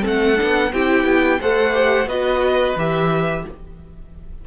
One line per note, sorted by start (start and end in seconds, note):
0.00 0.39 A3
0.00 0.34 C4
0.00 0.70 A4
0.07 0.73 F#5
0.36 0.72 B3
0.36 0.70 D4
0.72 1.05 C4
0.72 1.39 E4
0.72 1.40 G4
0.72 1.41 G5
1.05 1.39 B3
1.39 2.06 A3
1.39 1.73 A4
1.39 2.08 C5
1.39 2.08 F#5
1.73 2.07 G4
2.06 2.74 B3
2.06 2.76 F#4
2.06 3.44 B4
2.06 2.77 D#5
2.76 3.44 E3
2.76 3.46 G4
2.76 3.47 E5